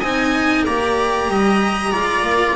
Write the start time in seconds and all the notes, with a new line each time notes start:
0.00 C4 D#4 D#5 G#5
0.66 A#3 G4 D5 A#5
1.29 G3 D#5
1.93 G#3 F4 D5
2.22 A#3